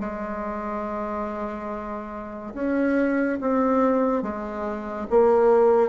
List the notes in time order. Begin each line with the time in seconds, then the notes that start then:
0.00 G#3
2.54 C#4
3.41 C4
4.22 G#3
5.10 A#3